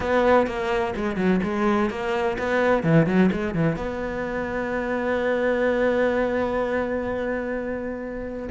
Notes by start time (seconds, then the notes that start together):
0.00 B3
0.46 A#3
0.96 G#3
1.16 F#3
1.43 G#3
1.90 A#3
2.38 B3
2.83 E3
3.06 F#3
3.32 G#3
3.54 E3
3.76 B3